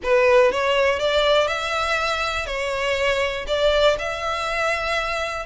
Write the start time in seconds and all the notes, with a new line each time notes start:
0.03 B4
0.51 C#5
0.99 D5
1.47 E5
2.46 C#5
3.47 D5
3.98 E5